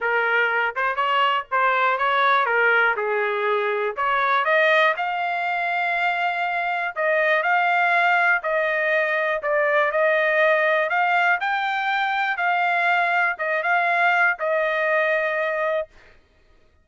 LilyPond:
\new Staff \with { instrumentName = "trumpet" } { \time 4/4 \tempo 4 = 121 ais'4. c''8 cis''4 c''4 | cis''4 ais'4 gis'2 | cis''4 dis''4 f''2~ | f''2 dis''4 f''4~ |
f''4 dis''2 d''4 | dis''2 f''4 g''4~ | g''4 f''2 dis''8 f''8~ | f''4 dis''2. | }